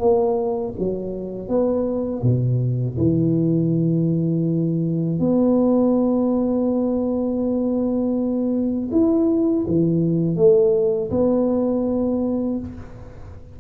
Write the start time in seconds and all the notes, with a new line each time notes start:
0.00 A#3
0.79 F#3
1.49 B3
2.23 B2
2.98 E3
5.20 B3
8.92 E4
9.68 E3
10.37 A3
11.11 B3